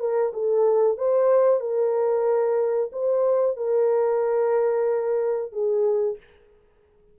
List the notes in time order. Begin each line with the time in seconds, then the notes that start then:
0.00 A#4
0.33 A4
0.98 C5
1.60 A#4
2.93 C5
3.57 A#4
5.53 G#4